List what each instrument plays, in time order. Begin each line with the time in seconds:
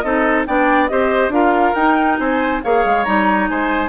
0.00 bassoon C4, clarinet D#4, oboe A4, flute D#5
0.46 bassoon B3, clarinet D4, oboe D5, flute G5
0.88 bassoon C4, clarinet G4, oboe C5, flute D#5
1.28 bassoon D4, clarinet F4, oboe A#4, flute F5
1.74 bassoon D#4, clarinet D#4, flute G5
2.19 bassoon C4, oboe C5, flute G#5
2.63 bassoon A#3, clarinet G#4, oboe C#5, flute F5
2.85 bassoon G#3
3.04 bassoon G3, clarinet D#4, flute A#5
3.48 bassoon G#3, oboe C5, flute G#5